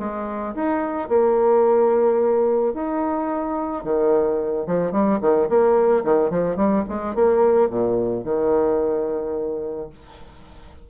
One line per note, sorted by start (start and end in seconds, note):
0.00 0.55 G#3
0.56 1.09 D#4
1.09 2.74 A#3
2.74 3.84 D#4
3.84 4.67 D#3
4.67 4.92 F3
4.92 5.20 G3
5.21 5.49 D#3
5.49 6.04 A#3
6.05 6.31 D#3
6.31 6.57 F3
6.57 6.84 G3
6.89 7.15 G#3
7.15 7.70 A#3
7.70 8.25 A#2
8.25 9.90 D#3